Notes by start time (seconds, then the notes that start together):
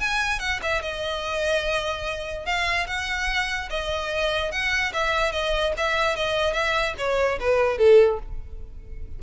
0.00 G#5
0.40 F#5
0.63 E5
0.82 D#5
2.46 F5
2.87 F#5
3.70 D#5
4.52 F#5
4.93 E5
5.32 D#5
5.77 E5
6.16 D#5
6.53 E5
6.98 C#5
7.40 B4
7.78 A4